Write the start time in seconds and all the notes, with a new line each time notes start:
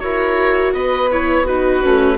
0.00 E4 F#4 A#4 C#5
0.73 B3 B4 D#5
1.11 E4 C#5
1.44 D#4 F#4 B4
1.83 A3 C#4